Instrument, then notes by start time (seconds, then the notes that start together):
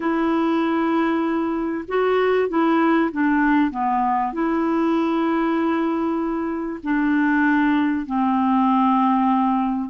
clarinet
0.00 E4
1.88 F#4
2.49 E4
3.11 D4
3.70 B3
4.32 E4
6.83 D4
8.06 C4